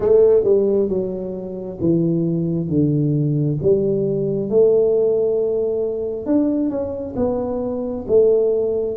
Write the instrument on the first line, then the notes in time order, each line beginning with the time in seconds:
tuba
0.00 A3
0.44 G3
0.88 F#3
1.80 E3
2.68 D3
3.62 G3
4.49 A3
6.26 D4
6.70 C#4
7.16 B3
8.07 A3